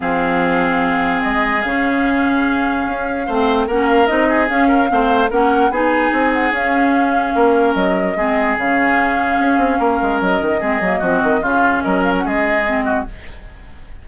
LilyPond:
<<
  \new Staff \with { instrumentName = "flute" } { \time 4/4 \tempo 4 = 147 f''2. dis''4 | f''1~ | f''4 fis''8 f''8 dis''4 f''4~ | f''4 fis''4 gis''4. fis''8 |
f''2. dis''4~ | dis''4 f''2.~ | f''4 dis''2. | f''4 dis''8 f''16 fis''16 dis''2 | }
  \new Staff \with { instrumentName = "oboe" } { \time 4/4 gis'1~ | gis'1 | c''4 ais'4. gis'4 ais'8 | c''4 ais'4 gis'2~ |
gis'2 ais'2 | gis'1 | ais'2 gis'4 fis'4 | f'4 ais'4 gis'4. fis'8 | }
  \new Staff \with { instrumentName = "clarinet" } { \time 4/4 c'1 | cis'1 | c'4 cis'4 dis'4 cis'4 | c'4 cis'4 dis'2 |
cis'1 | c'4 cis'2.~ | cis'2 c'8 ais8 c'4 | cis'2. c'4 | }
  \new Staff \with { instrumentName = "bassoon" } { \time 4/4 f2. gis4 | cis2. cis'4 | a4 ais4 c'4 cis'4 | a4 ais4 b4 c'4 |
cis'2 ais4 fis4 | gis4 cis2 cis'8 c'8 | ais8 gis8 fis8 dis8 gis8 fis8 f8 dis8 | cis4 fis4 gis2 | }
>>